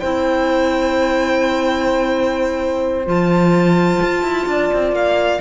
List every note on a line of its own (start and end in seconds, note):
0.00 3.07 C4
0.00 3.06 E4
0.00 4.45 C5
0.00 3.05 G5
3.06 4.01 F3
3.06 5.40 F4
3.06 4.94 A5
4.02 4.23 F4
4.23 4.46 E4
4.47 4.70 D4
4.47 5.41 D5
4.73 4.92 C4
4.92 5.39 A#3
4.92 5.41 F5